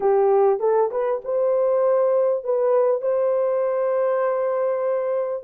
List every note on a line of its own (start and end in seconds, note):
0.00 0.59 G4
0.59 0.90 A4
0.91 1.21 B4
1.24 2.44 C5
2.44 3.01 B4
3.01 5.43 C5